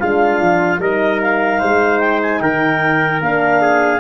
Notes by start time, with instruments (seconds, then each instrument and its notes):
0.00 tuba G#3, horn D4, trumpet F4, clarinet F5
0.41 tuba F3
0.79 tuba G3, horn D#4, trumpet A#4, clarinet D#5
1.22 clarinet F5
1.60 tuba G#3, trumpet C5
2.00 clarinet G5
2.23 clarinet G#5
2.41 tuba D#3, trumpet A#4, clarinet G5
3.21 tuba A#3, horn D4, clarinet F5
3.62 trumpet G#4